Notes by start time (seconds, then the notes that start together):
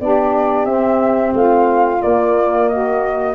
0.00 B3 D4 G4 D5
0.65 C4 E5
1.34 A3 F4 F5
1.99 A#3 D5
2.68 F#4 D#5